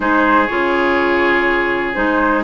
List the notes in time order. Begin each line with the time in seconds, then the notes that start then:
0.00 G#3 D#4 G#4 C5
0.47 C#3 F4 C#5
1.94 G#3 D#4 C5